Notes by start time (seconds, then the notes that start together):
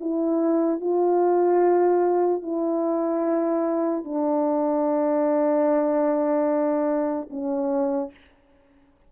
0.00 E4
0.80 F4
2.42 E4
4.04 D4
7.30 C#4